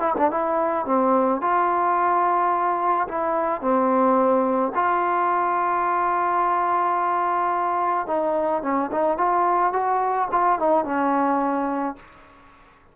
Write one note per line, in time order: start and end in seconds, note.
0.00 0.14 E4
0.18 0.31 D4
0.31 0.86 E4
0.86 1.41 C4
1.41 3.08 F4
3.08 3.62 E4
3.62 4.73 C4
4.75 8.07 F4
8.07 8.63 D#4
8.63 8.91 C#4
8.92 9.18 D#4
9.18 9.73 F4
9.73 10.29 F#4
10.32 10.59 F4
10.59 10.85 D#4
10.85 11.96 C#4